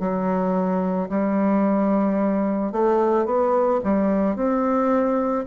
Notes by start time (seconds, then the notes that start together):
0.00 F#3
1.09 G3
2.73 A3
3.26 B3
3.84 G3
4.36 C4